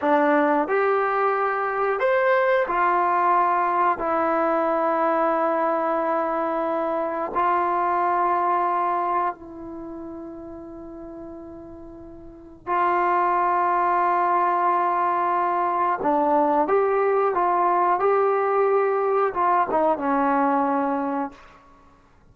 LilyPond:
\new Staff \with { instrumentName = "trombone" } { \time 4/4 \tempo 4 = 90 d'4 g'2 c''4 | f'2 e'2~ | e'2. f'4~ | f'2 e'2~ |
e'2. f'4~ | f'1 | d'4 g'4 f'4 g'4~ | g'4 f'8 dis'8 cis'2 | }